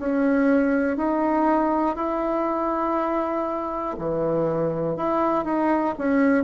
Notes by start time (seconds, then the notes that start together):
0.00 C#4
0.97 D#4
1.96 E4
3.98 E3
4.97 E4
5.45 D#4
5.99 C#4